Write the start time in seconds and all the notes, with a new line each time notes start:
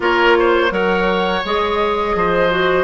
0.00 A#3 F4 A#4 C#5
0.39 C5
0.69 F#3 A#4 C#5 F#5
1.44 G#3 G#4 D#5
2.15 F3 C5
2.50 F#4